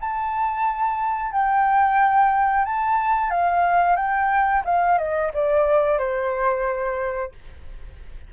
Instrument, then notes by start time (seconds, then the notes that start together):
flute
0.00 A5
1.32 G5
2.65 A5
3.30 F5
3.96 G5
4.65 F5
4.98 D#5
5.33 D5
5.98 C5